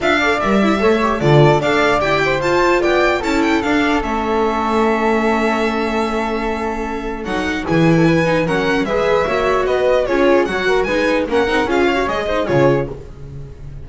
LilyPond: <<
  \new Staff \with { instrumentName = "violin" } { \time 4/4 \tempo 4 = 149 f''4 e''2 d''4 | f''4 g''4 a''4 g''4 | a''8 g''8 f''4 e''2~ | e''1~ |
e''2 fis''4 gis''4~ | gis''4 fis''4 e''2 | dis''4 cis''4 fis''4 gis''4 | fis''4 f''4 dis''4 cis''4 | }
  \new Staff \with { instrumentName = "flute" } { \time 4/4 e''8 d''4. cis''4 a'4 | d''4. c''4. d''4 | a'1~ | a'1~ |
a'2. gis'8. a'16 | b'4 ais'4 b'4 cis''4 | b'4 gis'4 cis''8 ais'8 b'4 | ais'4 gis'8 cis''4 c''8 gis'4 | }
  \new Staff \with { instrumentName = "viola" } { \time 4/4 f'8 a'8 ais'8 e'8 a'8 g'8 f'4 | a'4 g'4 f'2 | e'4 d'4 cis'2~ | cis'1~ |
cis'2 dis'4 e'4~ | e'8 dis'8 cis'4 gis'4 fis'4~ | fis'4 f'4 fis'4 dis'4 | cis'8 dis'8 f'8. fis'16 gis'8 dis'8 f'4 | }
  \new Staff \with { instrumentName = "double bass" } { \time 4/4 d'4 g4 a4 d4 | d'4 e'4 f'4 b4 | cis'4 d'4 a2~ | a1~ |
a2 fis4 e4~ | e4 fis4 gis4 ais4 | b4 cis'4 fis4 gis4 | ais8 c'8 cis'4 gis4 cis4 | }
>>